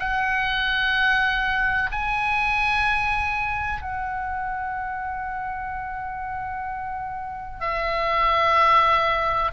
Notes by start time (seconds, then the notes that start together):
0.00 F#5
1.92 G#5
3.82 F#5
7.61 E5